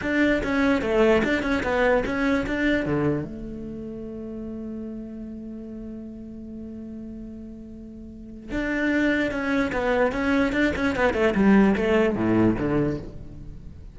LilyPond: \new Staff \with { instrumentName = "cello" } { \time 4/4 \tempo 4 = 148 d'4 cis'4 a4 d'8 cis'8 | b4 cis'4 d'4 d4 | a1~ | a1~ |
a1~ | a4 d'2 cis'4 | b4 cis'4 d'8 cis'8 b8 a8 | g4 a4 a,4 d4 | }